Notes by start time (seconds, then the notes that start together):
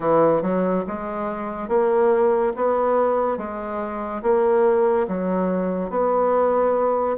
0.00 E3
0.41 F#3
0.87 G#3
1.68 A#3
2.55 B3
3.37 G#3
4.22 A#3
5.07 F#3
5.90 B3